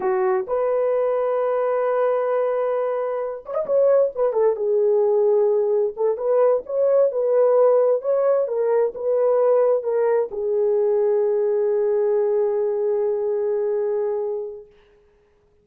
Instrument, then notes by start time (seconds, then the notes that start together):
horn
0.00 F#4
0.47 B4
3.45 C#5
3.54 D#5
3.66 C#5
4.15 B4
4.33 A4
4.56 G#4
5.96 A4
6.17 B4
6.65 C#5
7.11 B4
8.01 C#5
8.47 A#4
8.94 B4
9.83 A#4
10.31 G#4